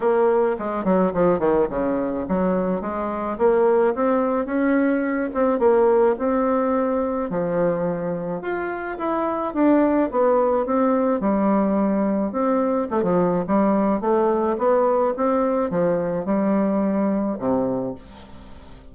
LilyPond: \new Staff \with { instrumentName = "bassoon" } { \time 4/4 \tempo 4 = 107 ais4 gis8 fis8 f8 dis8 cis4 | fis4 gis4 ais4 c'4 | cis'4. c'8 ais4 c'4~ | c'4 f2 f'4 |
e'4 d'4 b4 c'4 | g2 c'4 a16 f8. | g4 a4 b4 c'4 | f4 g2 c4 | }